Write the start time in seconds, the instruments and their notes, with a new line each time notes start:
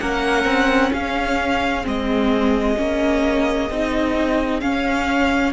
0.00 cello A#3, viola C#4, violin A#4 F#5
0.45 cello C4
0.92 cello C#4, violin G#4 F5
1.83 cello G#3, viola C4, violin D#5
2.76 cello A#3, viola C#4
3.70 cello C4, viola D#4
4.60 viola C#4, cello C#4, violin F5